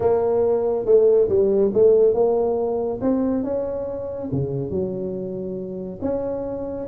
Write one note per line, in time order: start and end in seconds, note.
0.00 0.85 A#3
0.85 1.28 A3
1.28 1.71 G3
1.73 2.14 A3
2.14 2.99 A#3
3.01 3.43 C4
3.43 4.29 C#4
4.31 4.70 C#3
4.70 5.99 F#3
6.01 6.87 C#4